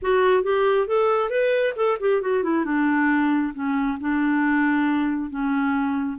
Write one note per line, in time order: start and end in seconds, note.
0.02 0.43 F#4
0.43 0.87 G4
0.87 1.30 A4
1.30 1.74 B4
1.76 1.98 A4
2.00 2.21 G4
2.21 2.43 F#4
2.43 2.65 E4
2.65 3.53 D4
3.54 3.98 C#4
4.00 5.29 D4
5.29 6.18 C#4